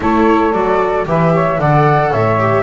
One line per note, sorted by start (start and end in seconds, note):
0.00 0.52 A3
0.00 0.53 E4
0.00 1.07 A4
0.00 0.52 C#5
0.52 1.05 F#3
0.52 1.05 F#4
0.52 1.05 D5
1.05 1.59 E3
1.05 1.58 G4
1.05 1.33 B4
1.05 1.60 E5
1.33 1.59 C#5
1.59 2.12 D3
1.59 2.39 A4
1.59 2.09 D5
1.59 2.12 F#5
2.09 2.63 A2
2.09 2.62 C#5
2.09 2.63 E5
2.39 2.63 G4